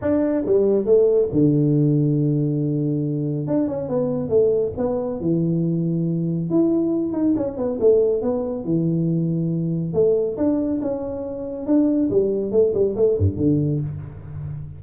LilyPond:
\new Staff \with { instrumentName = "tuba" } { \time 4/4 \tempo 4 = 139 d'4 g4 a4 d4~ | d1 | d'8 cis'8 b4 a4 b4 | e2. e'4~ |
e'8 dis'8 cis'8 b8 a4 b4 | e2. a4 | d'4 cis'2 d'4 | g4 a8 g8 a8 g,8 d4 | }